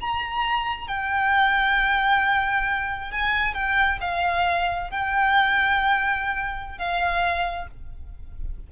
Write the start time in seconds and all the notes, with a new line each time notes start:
0.00 A#5
0.87 G5
3.11 G#5
3.54 G5
4.01 F5
4.90 G5
6.78 F5